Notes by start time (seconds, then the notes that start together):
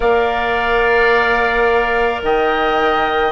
0.00 A#3 A#4 D5 F5
2.22 D#3 D#5 G5